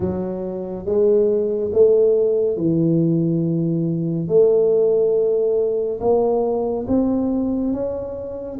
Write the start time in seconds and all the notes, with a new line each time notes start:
0.00 F#3
0.85 G#3
1.72 A3
2.56 E3
4.28 A3
6.00 A#3
6.87 C4
7.73 C#4